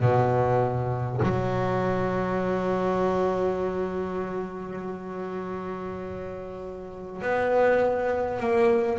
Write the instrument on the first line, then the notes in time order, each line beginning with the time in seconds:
double bass
0.00 B2
1.22 F#3
7.22 B3
8.39 A#3